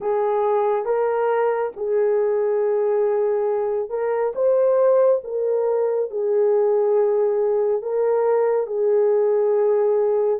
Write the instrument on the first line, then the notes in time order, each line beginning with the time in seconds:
horn
0.00 G#4
0.85 A#4
1.76 G#4
3.89 A#4
4.35 C5
5.24 A#4
6.10 G#4
7.82 A#4
8.66 G#4